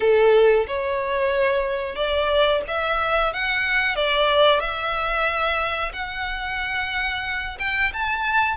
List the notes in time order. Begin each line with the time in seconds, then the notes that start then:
0.00 A4
0.67 C#5
1.95 D5
2.67 E5
3.33 F#5
3.95 D5
4.60 E5
5.93 F#5
7.59 G5
7.93 A5